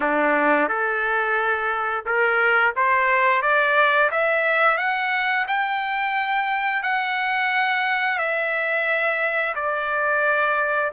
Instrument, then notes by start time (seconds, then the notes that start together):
trumpet
0.00 D4
0.68 A4
2.05 A#4
2.76 C5
3.42 D5
4.11 E5
4.77 F#5
5.47 G5
6.82 F#5
8.18 E5
9.55 D5